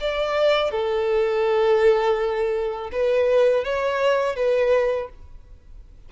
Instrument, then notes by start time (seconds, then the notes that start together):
violin
0.00 D5
0.71 A4
2.91 B4
3.64 C#5
4.35 B4